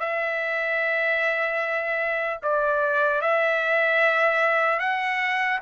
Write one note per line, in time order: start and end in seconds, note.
0.00 2.40 E5
2.43 3.21 D5
3.21 4.80 E5
4.80 5.60 F#5